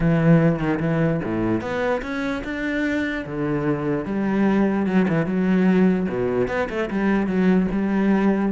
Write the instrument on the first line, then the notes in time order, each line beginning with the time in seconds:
cello
0.00 E3
0.59 D#3
0.80 E3
1.23 A2
1.61 B3
2.02 C#4
2.43 D4
3.25 D3
4.05 G3
4.86 F#3
5.08 E3
5.26 F#3
6.08 B2
6.48 B3
6.69 A3
6.90 G3
7.26 F#3
7.71 G3